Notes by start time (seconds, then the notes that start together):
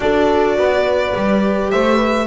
0.00 D4 F#4 A4 D5
0.57 B3 B4
1.13 G3 G4
1.70 A3 C5 E5
1.96 B4